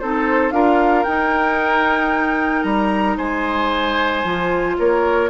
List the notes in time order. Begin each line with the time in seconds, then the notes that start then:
0.00 C4 D#4 A4 C5
0.51 D4 F4 A#4 F5
1.04 D#4 G5
2.63 G3 A#5
3.17 G#3 C5 G#5
4.24 F3 F4
4.78 A#3 A#4 C#5